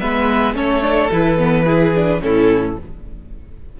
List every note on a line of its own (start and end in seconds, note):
0.00 0.54 G#3
0.00 0.55 B3
0.00 0.55 B4
0.00 0.55 E5
0.54 1.09 A3
0.54 0.82 C#4
0.54 1.65 A4
0.54 1.12 C#5
0.82 1.10 D4
1.11 2.21 E3
1.11 1.38 E4
1.11 2.22 B4
1.38 1.66 B3
1.65 1.94 E4
1.65 2.20 G#4
1.95 2.21 D4
2.21 2.78 A2
2.21 2.76 C#4
2.21 2.80 E4
2.21 2.78 A4